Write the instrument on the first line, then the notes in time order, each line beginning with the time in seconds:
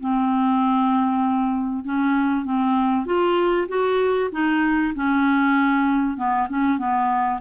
clarinet
0.00 C4
1.84 C#4
2.45 C4
3.06 F4
3.68 F#4
4.32 D#4
4.95 C#4
6.17 B3
6.49 C#4
6.78 B3